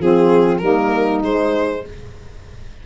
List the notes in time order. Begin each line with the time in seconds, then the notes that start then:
0.00 F3 C4 F4 G#4
0.58 G3 A#3 D#4 A#4
1.23 G#3 C5